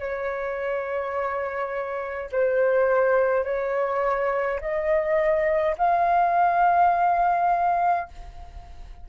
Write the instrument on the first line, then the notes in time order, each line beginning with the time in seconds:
flute
0.00 C#5
2.32 C5
3.45 C#5
4.61 D#5
5.78 F5